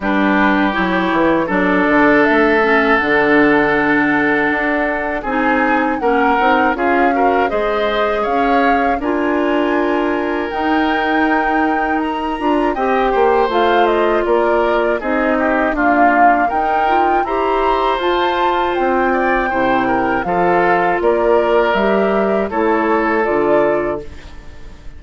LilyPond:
<<
  \new Staff \with { instrumentName = "flute" } { \time 4/4 \tempo 4 = 80 b'4 cis''4 d''4 e''4 | fis''2. gis''4 | fis''4 f''4 dis''4 f''4 | gis''2 g''2 |
ais''4 g''4 f''8 dis''8 d''4 | dis''4 f''4 g''4 ais''4 | a''4 g''2 f''4 | d''4 e''4 cis''4 d''4 | }
  \new Staff \with { instrumentName = "oboe" } { \time 4/4 g'2 a'2~ | a'2. gis'4 | ais'4 gis'8 ais'8 c''4 cis''4 | ais'1~ |
ais'4 dis''8 c''4. ais'4 | gis'8 g'8 f'4 ais'4 c''4~ | c''4. d''8 c''8 ais'8 a'4 | ais'2 a'2 | }
  \new Staff \with { instrumentName = "clarinet" } { \time 4/4 d'4 e'4 d'4. cis'8 | d'2. dis'4 | cis'8 dis'8 f'8 fis'8 gis'2 | f'2 dis'2~ |
dis'8 f'8 g'4 f'2 | dis'4 ais4 dis'8 f'8 g'4 | f'2 e'4 f'4~ | f'4 g'4 e'4 f'4 | }
  \new Staff \with { instrumentName = "bassoon" } { \time 4/4 g4 fis8 e8 fis8 d8 a4 | d2 d'4 c'4 | ais8 c'8 cis'4 gis4 cis'4 | d'2 dis'2~ |
dis'8 d'8 c'8 ais8 a4 ais4 | c'4 d'4 dis'4 e'4 | f'4 c'4 c4 f4 | ais4 g4 a4 d4 | }
>>